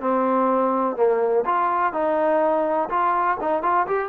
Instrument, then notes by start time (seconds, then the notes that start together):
trombone
0.00 C4
0.96 A#3
1.46 F4
1.93 D#4
2.89 F4
3.40 D#4
3.63 F4
3.87 G4